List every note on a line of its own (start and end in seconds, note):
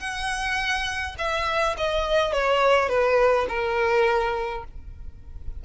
0.00 1.15 F#5
1.18 1.76 E5
1.78 2.33 D#5
2.33 2.89 C#5
2.89 3.47 B4
3.49 4.64 A#4